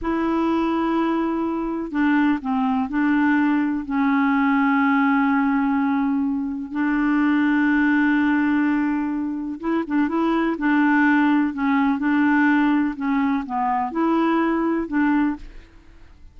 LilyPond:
\new Staff \with { instrumentName = "clarinet" } { \time 4/4 \tempo 4 = 125 e'1 | d'4 c'4 d'2 | cis'1~ | cis'2 d'2~ |
d'1 | e'8 d'8 e'4 d'2 | cis'4 d'2 cis'4 | b4 e'2 d'4 | }